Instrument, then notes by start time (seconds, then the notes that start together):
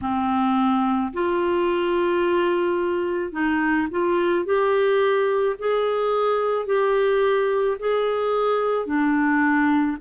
clarinet
0.01 C4
1.13 F4
3.32 D#4
3.90 F4
4.44 G4
5.58 G#4
6.66 G4
7.79 G#4
8.86 D4